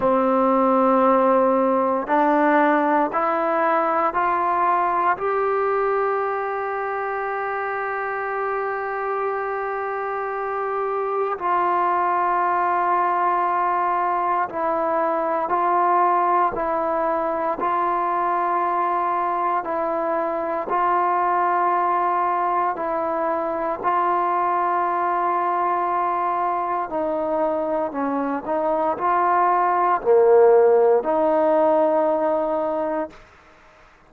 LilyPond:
\new Staff \with { instrumentName = "trombone" } { \time 4/4 \tempo 4 = 58 c'2 d'4 e'4 | f'4 g'2.~ | g'2. f'4~ | f'2 e'4 f'4 |
e'4 f'2 e'4 | f'2 e'4 f'4~ | f'2 dis'4 cis'8 dis'8 | f'4 ais4 dis'2 | }